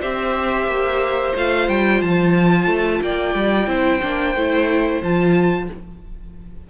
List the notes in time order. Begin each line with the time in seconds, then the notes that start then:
0.00 C4 G4 C5 E5
0.66 A#3
1.35 A3 F4 F5
1.68 G3 G5
2.01 F3 A5
2.66 A3
3.01 A#3 D5 G5
3.34 G3
3.67 C4 E4 C5
4.02 A#3 D4
4.35 A3 E4
5.02 F3 F4 A5